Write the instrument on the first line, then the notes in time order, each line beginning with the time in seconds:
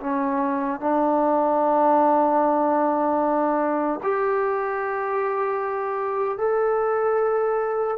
trombone
0.00 C#4
0.80 D4
4.03 G4
6.38 A4